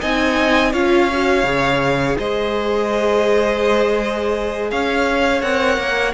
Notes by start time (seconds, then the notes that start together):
0.00 C4 D#4 D#5 G#5
0.72 C#4 F4 C#5 F5
1.13 F#4
1.43 C#3 G#4
2.18 G#3 C5 D#5
4.71 C#4 C#5 F5
5.42 C4 A#4 F#5
5.77 A#3